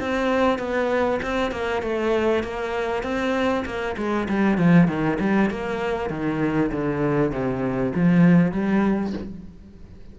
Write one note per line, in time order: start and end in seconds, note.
0.00 0.59 C4
0.59 1.20 B3
1.22 1.51 C4
1.51 1.82 A#3
1.82 2.43 A3
2.43 3.03 A#3
3.03 3.64 C4
3.65 3.96 A#3
3.97 4.28 G#3
4.29 4.58 G3
4.58 4.88 F3
4.88 5.18 D#3
5.20 5.50 G3
5.50 6.10 A#3
6.10 6.71 D#3
6.72 7.32 D3
7.32 7.93 C3
7.95 8.52 F3
8.52 9.13 G3